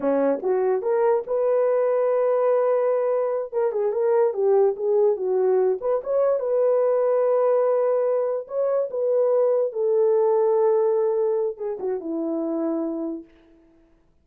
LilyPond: \new Staff \with { instrumentName = "horn" } { \time 4/4 \tempo 4 = 145 cis'4 fis'4 ais'4 b'4~ | b'1~ | b'8 ais'8 gis'8 ais'4 g'4 gis'8~ | gis'8 fis'4. b'8 cis''4 b'8~ |
b'1~ | b'8 cis''4 b'2 a'8~ | a'1 | gis'8 fis'8 e'2. | }